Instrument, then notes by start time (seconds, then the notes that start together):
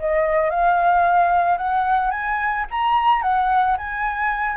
flute
0.00 D#5
0.50 F5
1.58 F#5
2.11 G#5
2.71 A#5
3.23 F#5
3.78 G#5